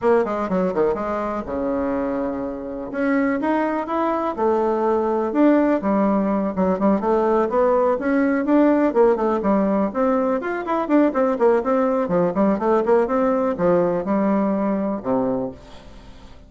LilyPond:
\new Staff \with { instrumentName = "bassoon" } { \time 4/4 \tempo 4 = 124 ais8 gis8 fis8 dis8 gis4 cis4~ | cis2 cis'4 dis'4 | e'4 a2 d'4 | g4. fis8 g8 a4 b8~ |
b8 cis'4 d'4 ais8 a8 g8~ | g8 c'4 f'8 e'8 d'8 c'8 ais8 | c'4 f8 g8 a8 ais8 c'4 | f4 g2 c4 | }